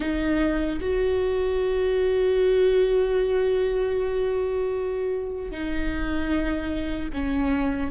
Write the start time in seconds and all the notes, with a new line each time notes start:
0.00 D#4
0.80 F#4
5.51 D#4
7.13 C#4